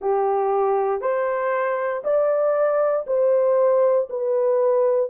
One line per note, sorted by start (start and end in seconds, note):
0.01 1.01 G4
1.01 2.02 C5
2.03 3.05 D5
3.06 4.08 C5
4.09 5.10 B4